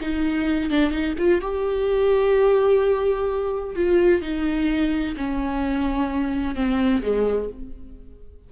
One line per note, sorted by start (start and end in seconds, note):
0.00 0.70 D#4
0.70 0.90 D4
0.90 1.14 D#4
1.18 1.41 F4
1.41 3.75 G4
3.75 4.21 F4
4.21 5.15 D#4
5.16 6.55 C#4
6.55 7.02 C4
7.02 7.49 G#3